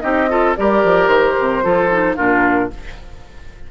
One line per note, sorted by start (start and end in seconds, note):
0.00 0.57 C4
0.00 0.28 D#4
0.00 0.30 G4
0.00 0.54 D#5
0.29 0.56 F4
0.29 0.57 A4
0.56 0.84 G3
0.56 1.63 G4
0.56 1.64 A#4
0.56 1.08 D5
0.84 1.08 F3
1.08 1.35 D#3
1.08 2.15 C5
1.40 1.64 C3
1.63 2.18 F3
1.63 1.90 F4
1.63 2.16 A4
1.91 2.16 D#4
2.16 2.71 A#2
2.16 2.70 D4
2.16 2.70 F4
2.16 2.71 A#4